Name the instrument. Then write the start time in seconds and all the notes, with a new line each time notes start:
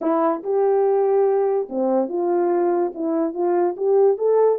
horn
0.01 E4
0.43 G4
1.69 C4
2.09 F4
2.94 E4
3.34 F4
3.76 G4
4.17 A4